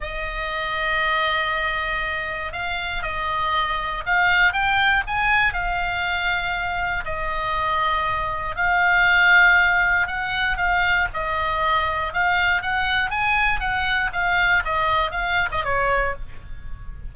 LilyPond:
\new Staff \with { instrumentName = "oboe" } { \time 4/4 \tempo 4 = 119 dis''1~ | dis''4 f''4 dis''2 | f''4 g''4 gis''4 f''4~ | f''2 dis''2~ |
dis''4 f''2. | fis''4 f''4 dis''2 | f''4 fis''4 gis''4 fis''4 | f''4 dis''4 f''8. dis''16 cis''4 | }